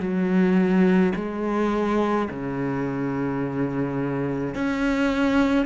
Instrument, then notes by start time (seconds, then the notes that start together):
cello
0.00 F#3
1.15 G#3
2.30 C#3
4.55 C#4